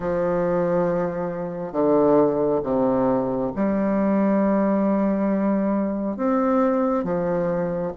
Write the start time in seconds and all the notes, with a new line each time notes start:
0.00 F3
1.72 D3
2.63 C3
3.55 G3
6.16 C4
7.03 F3